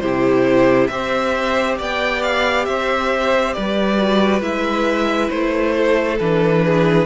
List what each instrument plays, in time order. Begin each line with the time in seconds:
0.00 cello C3, viola E4, violin G4 C5
0.88 cello C4, viola G4, violin C5 E5
1.78 cello B3, violin D5 G5
2.23 violin F5
2.65 cello C4, violin C5 E5
3.54 cello G3, violin B4 D5
3.99 viola F#4
4.42 cello G#3, viola E4, violin E5
5.30 cello A3, violin C5
5.78 violin A4
6.20 cello E3, viola D4, violin B4
6.66 violin G#4